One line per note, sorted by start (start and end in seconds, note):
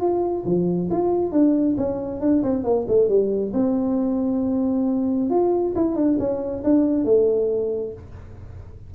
0.00 0.44 F4
0.45 0.89 F3
0.90 1.32 F4
1.32 1.76 D4
1.77 2.20 C#4
2.20 2.42 D4
2.43 2.63 C4
2.63 2.85 A#3
2.88 3.08 A3
3.08 3.53 G3
3.53 5.29 C4
5.29 5.74 F4
5.75 5.95 E4
5.95 6.17 D4
6.19 6.63 C#4
6.64 7.04 D4
7.04 7.93 A3